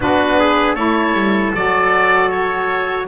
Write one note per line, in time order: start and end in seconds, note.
0.00 0.76 B3
0.00 0.77 D4
0.00 0.39 F#4
0.00 0.75 B4
0.39 0.74 G#4
0.74 1.13 A3
0.74 1.54 E4
0.74 3.05 A4
0.74 1.52 C#5
1.13 1.52 G3
1.54 3.07 F#3
1.54 3.07 F#4
1.54 2.30 D5
2.30 3.07 C#5